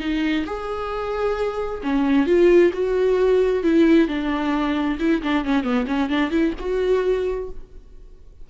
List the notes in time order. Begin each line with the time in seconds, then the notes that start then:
0.00 D#4
0.46 G#4
1.83 C#4
2.27 F4
2.74 F#4
3.63 E4
4.08 D4
5.00 E4
5.23 D4
5.45 C#4
5.64 B3
5.87 C#4
6.10 D4
6.31 E4
6.59 F#4